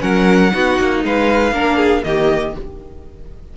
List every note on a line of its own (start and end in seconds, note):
0.00 0.53 F#3
0.00 0.50 C#4
0.00 0.53 A#4
0.00 1.02 F#5
0.52 0.80 B3
0.52 1.53 D#4
0.52 1.04 F#4
0.80 1.04 A#3
1.04 1.52 G#3
1.04 1.54 B4
1.04 2.04 F5
1.52 2.03 A#3
1.52 2.04 D4
1.52 1.77 A#4
1.77 2.02 G#4
2.04 2.55 D#3
2.04 2.55 A#3
2.04 2.57 G4
2.04 2.54 D#5